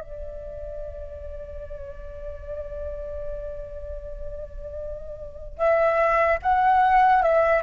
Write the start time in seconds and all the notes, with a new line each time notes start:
0.00 D5
5.58 E5
6.42 F#5
7.23 E5